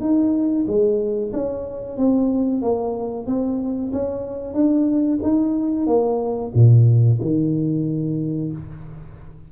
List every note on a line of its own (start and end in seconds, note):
0.00 0.65 D#4
0.67 1.32 G#3
1.33 1.97 C#4
1.97 2.61 C4
2.61 3.26 A#3
3.26 3.92 C4
3.92 4.54 C#4
4.54 5.19 D4
5.22 5.86 D#4
5.86 6.52 A#3
6.54 7.19 A#2
7.21 8.52 D#3